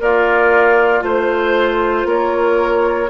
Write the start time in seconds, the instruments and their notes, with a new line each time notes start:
0.00 bassoon A#3, oboe F4, clarinet A#4, flute D5
1.00 bassoon A3, clarinet F4, oboe C5, flute C5
2.05 bassoon A#3, oboe A#4, flute C#5